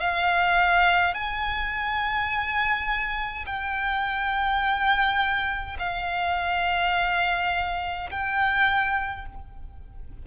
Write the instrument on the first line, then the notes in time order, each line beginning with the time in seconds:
violin
0.00 F5
1.14 G#5
3.46 G5
5.79 F5
8.10 G5